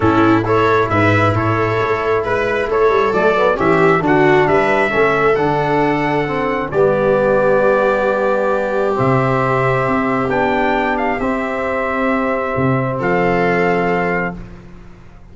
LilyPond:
<<
  \new Staff \with { instrumentName = "trumpet" } { \time 4/4 \tempo 4 = 134 a'4 cis''4 e''4 cis''4~ | cis''4 b'4 cis''4 d''4 | e''4 fis''4 e''2 | fis''2. d''4~ |
d''1 | e''2. g''4~ | g''8 f''8 e''2.~ | e''4 f''2. | }
  \new Staff \with { instrumentName = "viola" } { \time 4/4 e'4 a'4 b'4 a'4~ | a'4 b'4 a'2 | g'4 fis'4 b'4 a'4~ | a'2. g'4~ |
g'1~ | g'1~ | g'1~ | g'4 a'2. | }
  \new Staff \with { instrumentName = "trombone" } { \time 4/4 cis'4 e'2.~ | e'2. a8 b8 | cis'4 d'2 cis'4 | d'2 c'4 b4~ |
b1 | c'2. d'4~ | d'4 c'2.~ | c'1 | }
  \new Staff \with { instrumentName = "tuba" } { \time 4/4 a,2 gis,4 a,4 | a4 gis4 a8 g8 fis4 | e4 d4 g4 a4 | d2. g4~ |
g1 | c2 c'4 b4~ | b4 c'2. | c4 f2. | }
>>